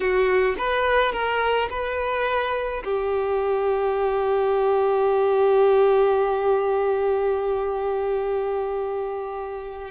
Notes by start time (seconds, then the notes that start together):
0.00 F#4
0.57 B4
1.12 A#4
1.70 B4
2.84 G4